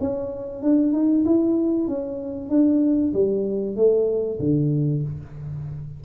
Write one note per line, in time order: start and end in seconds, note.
0.00 0.62 C#4
0.62 0.93 D4
0.93 1.25 D#4
1.25 1.88 E4
1.88 2.49 C#4
2.49 3.12 D4
3.14 3.76 G3
3.76 4.39 A3
4.40 5.03 D3